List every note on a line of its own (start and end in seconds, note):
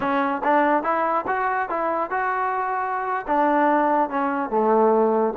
0.00 0.42 C#4
0.43 0.83 D4
0.83 1.25 E4
1.27 1.69 F#4
1.69 2.10 E4
2.10 3.26 F#4
3.27 4.09 D4
4.09 4.50 C#4
4.50 5.33 A3